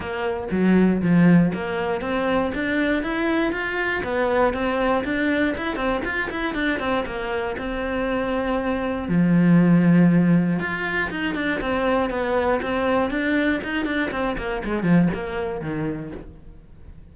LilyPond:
\new Staff \with { instrumentName = "cello" } { \time 4/4 \tempo 4 = 119 ais4 fis4 f4 ais4 | c'4 d'4 e'4 f'4 | b4 c'4 d'4 e'8 c'8 | f'8 e'8 d'8 c'8 ais4 c'4~ |
c'2 f2~ | f4 f'4 dis'8 d'8 c'4 | b4 c'4 d'4 dis'8 d'8 | c'8 ais8 gis8 f8 ais4 dis4 | }